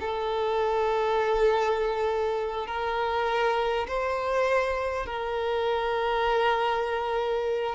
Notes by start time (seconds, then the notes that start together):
0.00 A4
2.67 A#4
3.88 C5
5.06 A#4